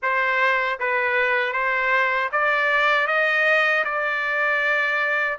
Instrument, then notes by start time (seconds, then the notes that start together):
trumpet
0.02 C5
0.79 B4
1.52 C5
2.32 D5
3.07 D#5
3.84 D5